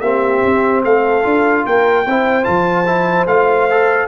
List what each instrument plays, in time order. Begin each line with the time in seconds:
0.00 tuba A#3, trombone C4, horn G4, trumpet E5
0.45 tuba C4
0.84 tuba A3, horn A4, trumpet F5
1.23 tuba D4, trombone F4
1.65 tuba A#3, horn A#4, trumpet G5
2.06 tuba C4, trombone E4, horn C5
2.43 tuba F3, trombone F4, trumpet A5
2.86 trombone E4
3.27 tuba A3, trombone F4, trumpet F5
3.70 trombone A4